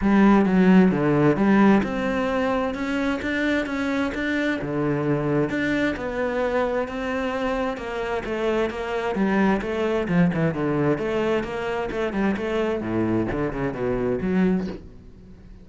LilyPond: \new Staff \with { instrumentName = "cello" } { \time 4/4 \tempo 4 = 131 g4 fis4 d4 g4 | c'2 cis'4 d'4 | cis'4 d'4 d2 | d'4 b2 c'4~ |
c'4 ais4 a4 ais4 | g4 a4 f8 e8 d4 | a4 ais4 a8 g8 a4 | a,4 d8 cis8 b,4 fis4 | }